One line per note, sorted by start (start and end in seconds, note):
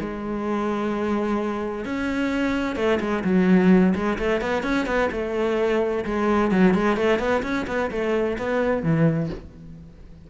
0.00 1.85 G#3
1.85 2.75 C#4
2.75 2.99 A3
3.00 3.23 G#3
3.24 3.94 F#3
3.95 4.18 G#3
4.18 4.41 A3
4.41 4.63 B3
4.63 4.86 C#4
4.86 5.09 B3
5.11 6.04 A3
6.05 6.51 G#3
6.51 6.74 F#3
6.74 6.96 G#3
6.96 7.19 A3
7.19 7.42 B3
7.42 7.66 C#4
7.67 7.90 B3
7.90 8.37 A3
8.38 8.83 B3
8.83 9.29 E3